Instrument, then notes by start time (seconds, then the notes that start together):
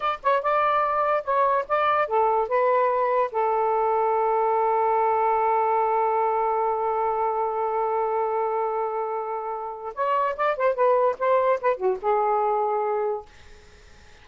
saxophone
0.00 D5
0.22 C#5
0.42 D5
1.24 C#5
1.68 D5
2.07 A4
2.48 B4
3.31 A4
9.94 C#5
10.36 D5
10.56 C5
10.75 B4
11.19 C5
11.61 B4
11.76 F#4
12.01 G#4